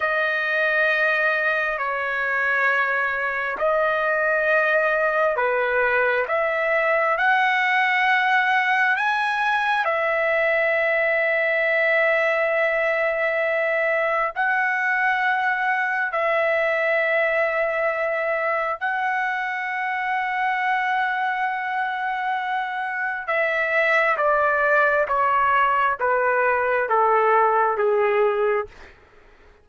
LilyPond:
\new Staff \with { instrumentName = "trumpet" } { \time 4/4 \tempo 4 = 67 dis''2 cis''2 | dis''2 b'4 e''4 | fis''2 gis''4 e''4~ | e''1 |
fis''2 e''2~ | e''4 fis''2.~ | fis''2 e''4 d''4 | cis''4 b'4 a'4 gis'4 | }